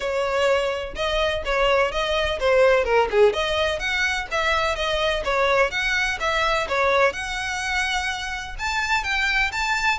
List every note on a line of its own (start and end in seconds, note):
0.00 0.94 C#5
0.95 1.42 D#5
1.45 1.91 C#5
1.91 2.39 D#5
2.39 2.84 C5
2.84 3.08 A#4
3.10 3.33 G#4
3.33 3.79 D#5
3.79 4.27 F#5
4.31 4.75 E5
4.75 5.23 D#5
5.24 5.70 C#5
5.70 6.18 F#5
6.19 6.67 E5
6.68 7.12 C#5
7.12 8.55 F#5
8.58 9.03 A5
9.03 9.51 G5
9.52 9.98 A5